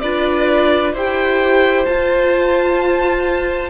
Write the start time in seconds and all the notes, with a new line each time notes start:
0.00 D4 F4 B4 D5
0.94 E4 G4 C5 G5
1.85 F4 A5